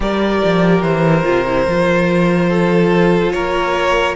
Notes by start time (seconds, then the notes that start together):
0.00 G3 G4 A#4 D5
0.44 F3
0.82 E3 C5
1.23 C3 F4
1.46 E4
1.67 F3 F4
2.49 A4
3.31 A#3 A#4 C#5